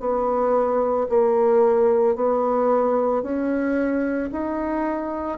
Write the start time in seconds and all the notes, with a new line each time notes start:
0.00 B3
1.10 A#3
2.16 B3
3.23 C#4
4.32 D#4